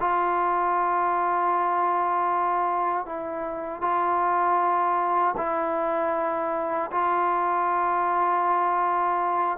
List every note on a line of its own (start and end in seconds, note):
0.00 3.06 F4
3.06 3.81 E4
3.81 5.35 F4
5.37 6.91 E4
6.92 9.58 F4